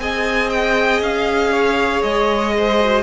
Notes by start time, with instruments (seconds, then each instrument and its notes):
0.00 cello C4, viola G#4, violin D#5 G#5
0.50 violin G5
1.01 cello C#4, violin F5
1.52 violin C#5
2.03 cello G#3, violin D#5
2.58 violin C5
2.80 viola F#4